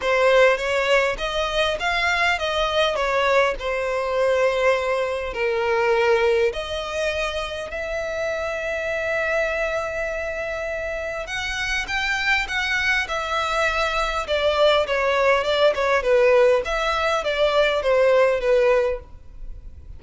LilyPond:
\new Staff \with { instrumentName = "violin" } { \time 4/4 \tempo 4 = 101 c''4 cis''4 dis''4 f''4 | dis''4 cis''4 c''2~ | c''4 ais'2 dis''4~ | dis''4 e''2.~ |
e''2. fis''4 | g''4 fis''4 e''2 | d''4 cis''4 d''8 cis''8 b'4 | e''4 d''4 c''4 b'4 | }